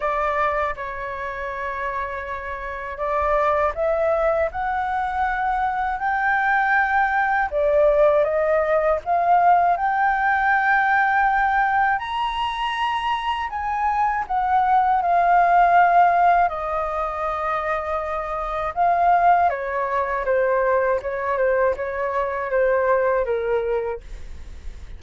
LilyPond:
\new Staff \with { instrumentName = "flute" } { \time 4/4 \tempo 4 = 80 d''4 cis''2. | d''4 e''4 fis''2 | g''2 d''4 dis''4 | f''4 g''2. |
ais''2 gis''4 fis''4 | f''2 dis''2~ | dis''4 f''4 cis''4 c''4 | cis''8 c''8 cis''4 c''4 ais'4 | }